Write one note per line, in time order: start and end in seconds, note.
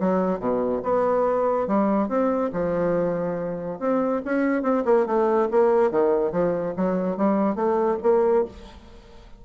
0.00 0.40 F#3
0.40 0.82 B2
0.84 1.68 B3
1.68 2.09 G3
2.09 2.51 C4
2.53 3.80 F3
3.80 4.22 C4
4.25 4.63 C#4
4.63 4.84 C4
4.86 5.07 A#3
5.07 5.49 A3
5.51 5.92 A#3
5.92 6.32 D#3
6.32 6.75 F3
6.77 7.17 F#3
7.17 7.56 G3
7.56 7.98 A3
8.03 8.45 A#3